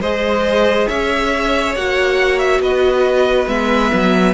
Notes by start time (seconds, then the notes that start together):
0.00 G#3 G#4 C5 D#5
0.87 C#4 C#5 E5
1.75 A#3 F#4 F#5
2.39 E5
2.60 B3 B4 D#5
3.48 G#3 B3 E5
3.93 F#3